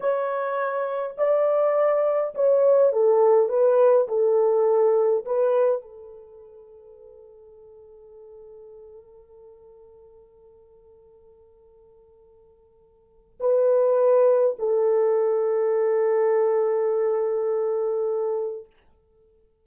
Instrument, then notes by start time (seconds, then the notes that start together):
horn
0.00 C#5
1.17 D5
2.34 C#5
2.92 A4
3.48 B4
4.08 A4
5.25 B4
5.81 A4
13.40 B4
14.58 A4